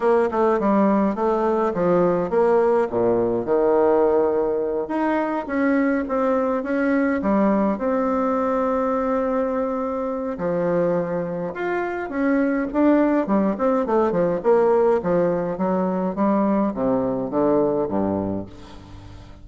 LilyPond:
\new Staff \with { instrumentName = "bassoon" } { \time 4/4 \tempo 4 = 104 ais8 a8 g4 a4 f4 | ais4 ais,4 dis2~ | dis8 dis'4 cis'4 c'4 cis'8~ | cis'8 g4 c'2~ c'8~ |
c'2 f2 | f'4 cis'4 d'4 g8 c'8 | a8 f8 ais4 f4 fis4 | g4 c4 d4 g,4 | }